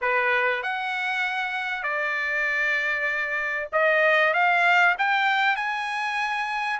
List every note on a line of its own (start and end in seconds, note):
0.01 0.62 B4
0.62 1.83 F#5
1.83 3.69 D5
3.72 4.33 D#5
4.33 4.95 F5
4.98 5.56 G5
5.56 6.79 G#5